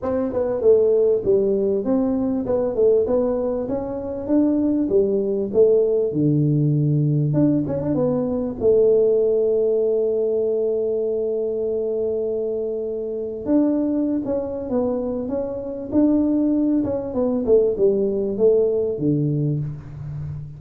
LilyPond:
\new Staff \with { instrumentName = "tuba" } { \time 4/4 \tempo 4 = 98 c'8 b8 a4 g4 c'4 | b8 a8 b4 cis'4 d'4 | g4 a4 d2 | d'8 cis'16 d'16 b4 a2~ |
a1~ | a2 d'4~ d'16 cis'8. | b4 cis'4 d'4. cis'8 | b8 a8 g4 a4 d4 | }